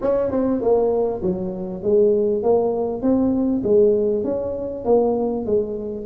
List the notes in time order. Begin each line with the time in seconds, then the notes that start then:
0.01 C#4
0.30 C4
0.61 A#3
1.22 F#3
1.82 G#3
2.42 A#3
3.01 C4
3.63 G#3
4.24 C#4
4.85 A#3
5.45 G#3